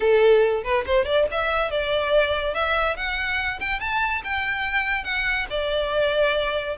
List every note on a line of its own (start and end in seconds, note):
0.00 0.63 A4
0.63 0.84 B4
0.86 1.05 C5
1.05 1.26 D5
1.31 1.70 E5
1.70 2.54 D5
2.54 2.96 E5
2.96 3.59 F#5
3.60 3.79 G5
3.79 4.22 A5
4.24 5.04 G5
5.04 5.46 F#5
5.49 6.76 D5